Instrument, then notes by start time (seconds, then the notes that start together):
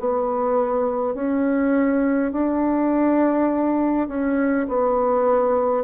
bassoon
0.00 B3
1.15 C#4
2.33 D4
4.08 C#4
4.68 B3